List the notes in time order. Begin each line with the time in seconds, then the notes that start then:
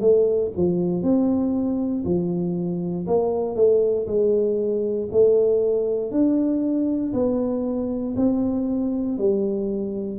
0.00 A3
0.56 F3
1.02 C4
2.04 F3
3.07 A#3
3.55 A3
4.07 G#3
5.11 A3
6.11 D4
7.13 B3
8.16 C4
9.18 G3